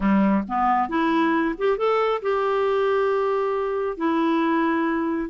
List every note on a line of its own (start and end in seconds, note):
0.00 0.43 G3
0.48 0.88 B3
0.88 1.55 E4
1.57 1.77 G4
1.77 2.21 A4
2.22 3.97 G4
3.97 5.29 E4